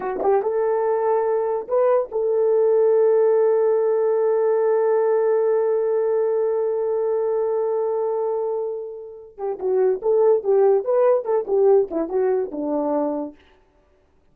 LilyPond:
\new Staff \with { instrumentName = "horn" } { \time 4/4 \tempo 4 = 144 fis'8 g'8 a'2. | b'4 a'2.~ | a'1~ | a'1~ |
a'1~ | a'2~ a'8 g'8 fis'4 | a'4 g'4 b'4 a'8 g'8~ | g'8 e'8 fis'4 d'2 | }